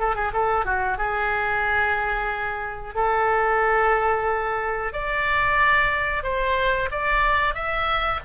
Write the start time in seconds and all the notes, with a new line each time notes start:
0.00 A4
0.16 G#4
0.34 A4
0.66 F#4
0.98 G#4
2.95 A4
4.93 D5
6.24 C5
6.92 D5
7.55 E5